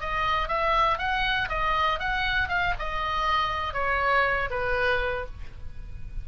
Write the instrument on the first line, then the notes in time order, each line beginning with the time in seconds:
oboe
0.00 D#5
0.48 E5
0.98 F#5
1.49 D#5
1.99 F#5
2.48 F5
2.79 D#5
3.73 C#5
4.50 B4